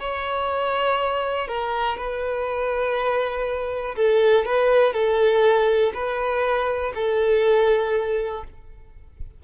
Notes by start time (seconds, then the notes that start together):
0.00 C#5
1.48 A#4
1.98 B4
3.96 A4
4.46 B4
4.94 A4
5.94 B4
6.95 A4